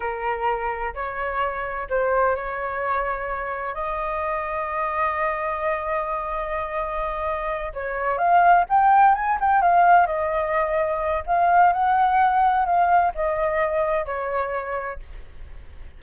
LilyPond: \new Staff \with { instrumentName = "flute" } { \time 4/4 \tempo 4 = 128 ais'2 cis''2 | c''4 cis''2. | dis''1~ | dis''1~ |
dis''8 cis''4 f''4 g''4 gis''8 | g''8 f''4 dis''2~ dis''8 | f''4 fis''2 f''4 | dis''2 cis''2 | }